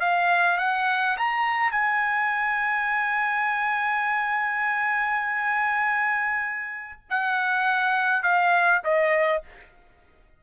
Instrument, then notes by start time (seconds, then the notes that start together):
trumpet
0.00 F5
0.58 F#5
1.17 A#5
1.71 G#5
7.10 F#5
8.23 F5
8.84 D#5